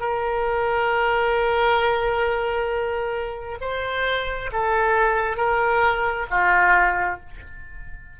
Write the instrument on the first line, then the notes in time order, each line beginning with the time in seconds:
oboe
0.00 A#4
3.61 C5
4.52 A4
5.36 A#4
6.31 F4